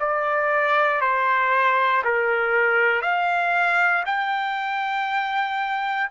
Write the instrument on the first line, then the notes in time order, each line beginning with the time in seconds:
trumpet
0.00 D5
1.01 C5
2.04 A#4
3.02 F5
4.06 G5